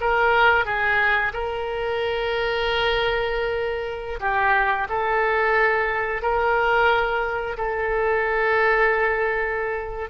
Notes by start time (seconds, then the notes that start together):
0.00 A#4
0.65 G#4
1.33 A#4
4.20 G4
4.89 A4
6.22 A#4
7.57 A4